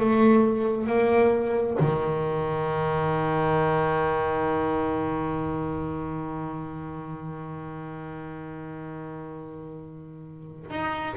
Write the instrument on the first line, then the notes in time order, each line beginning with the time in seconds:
double bass
0.00 A3
0.88 A#3
1.80 D#3
10.71 D#4